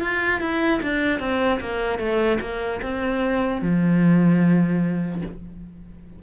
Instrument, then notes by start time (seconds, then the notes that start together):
cello
0.00 F4
0.40 E4
0.82 D4
1.19 C4
1.60 A#3
1.99 A3
2.40 A#3
2.81 C4
3.61 F3